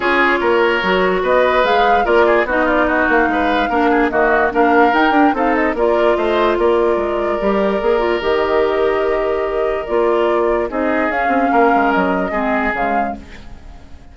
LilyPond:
<<
  \new Staff \with { instrumentName = "flute" } { \time 4/4 \tempo 4 = 146 cis''2. dis''4 | f''4 d''4 dis''8 d''8 dis''8 f''8~ | f''2 dis''4 f''4 | g''4 f''8 dis''8 d''4 dis''4 |
d''1 | dis''1 | d''2 dis''4 f''4~ | f''4 dis''2 f''4 | }
  \new Staff \with { instrumentName = "oboe" } { \time 4/4 gis'4 ais'2 b'4~ | b'4 ais'8 gis'8 fis'8 f'8 fis'4 | b'4 ais'8 gis'8 fis'4 ais'4~ | ais'4 a'4 ais'4 c''4 |
ais'1~ | ais'1~ | ais'2 gis'2 | ais'2 gis'2 | }
  \new Staff \with { instrumentName = "clarinet" } { \time 4/4 f'2 fis'2 | gis'4 f'4 dis'2~ | dis'4 d'4 ais4 d'4 | dis'8 d'8 dis'4 f'2~ |
f'2 g'4 gis'8 f'8 | g'1 | f'2 dis'4 cis'4~ | cis'2 c'4 gis4 | }
  \new Staff \with { instrumentName = "bassoon" } { \time 4/4 cis'4 ais4 fis4 b4 | gis4 ais4 b4. ais8 | gis4 ais4 dis4 ais4 | dis'8 d'8 c'4 ais4 a4 |
ais4 gis4 g4 ais4 | dis1 | ais2 c'4 cis'8 c'8 | ais8 gis8 fis4 gis4 cis4 | }
>>